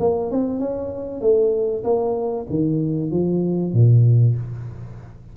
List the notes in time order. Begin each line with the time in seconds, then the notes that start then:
0.00 A#3
0.31 C4
0.59 C#4
1.21 A3
1.84 A#3
2.49 D#3
3.11 F3
3.73 A#2